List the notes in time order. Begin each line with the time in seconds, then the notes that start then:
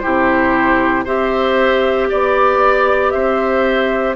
0.00 E4 G4 C5
0.06 C3
1.05 C4 G4 C5 E5
2.10 B3 D5
3.11 C4 C5 E5